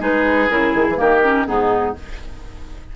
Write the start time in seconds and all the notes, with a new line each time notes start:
0.00 G#3 D#4 G#4 B4
0.50 C#3 E4 A#4
0.74 D#3 G#4
0.89 E3
0.95 D#3 A#3 G4 A#4
1.23 C#4
1.47 G#2 B3 D#4 G#4